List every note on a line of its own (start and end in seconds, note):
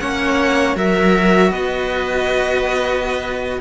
0.00 0.76 A#3
0.00 0.75 C#4
0.00 0.78 C#5
0.00 0.76 F#5
0.75 1.52 F#3
0.75 3.60 F#4
0.75 1.51 A#4
0.75 1.52 E5
1.51 3.61 B3
1.51 3.60 B4
1.51 3.61 D#5